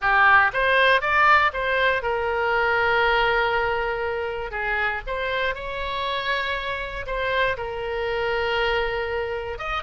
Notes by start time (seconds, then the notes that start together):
0.01 G4
0.53 C5
1.01 D5
1.53 C5
2.02 A#4
4.51 G#4
5.06 C5
5.54 C#5
7.06 C5
7.57 A#4
9.58 D#5